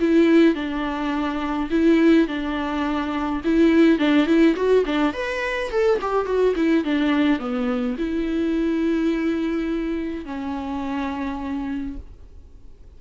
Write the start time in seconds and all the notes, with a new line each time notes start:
0.00 E4
0.55 D4
1.71 E4
2.28 D4
3.45 E4
3.99 D4
4.26 E4
4.56 F#4
4.86 D4
5.14 B4
5.71 A4
6.02 G4
6.26 F#4
6.56 E4
6.84 D4
7.39 B3
7.98 E4
10.26 C#4